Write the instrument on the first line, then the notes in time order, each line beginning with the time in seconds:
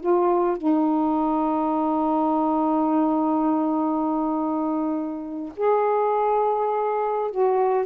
saxophone
0.00 F4
0.57 D#4
5.56 G#4
7.31 F#4